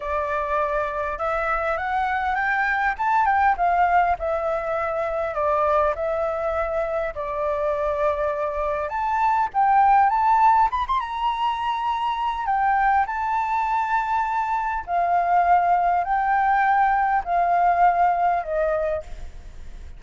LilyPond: \new Staff \with { instrumentName = "flute" } { \time 4/4 \tempo 4 = 101 d''2 e''4 fis''4 | g''4 a''8 g''8 f''4 e''4~ | e''4 d''4 e''2 | d''2. a''4 |
g''4 a''4 b''16 c'''16 ais''4.~ | ais''4 g''4 a''2~ | a''4 f''2 g''4~ | g''4 f''2 dis''4 | }